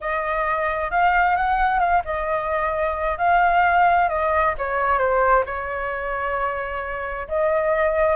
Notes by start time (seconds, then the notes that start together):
0.00 D#5
0.90 F5
1.36 F#5
1.79 F5
2.05 D#5
3.18 F5
4.08 D#5
4.58 C#5
4.98 C5
5.45 C#5
7.28 D#5